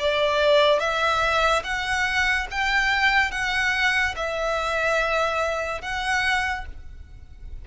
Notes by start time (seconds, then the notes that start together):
0.00 D5
0.80 E5
1.64 F#5
2.51 G5
3.32 F#5
4.17 E5
5.82 F#5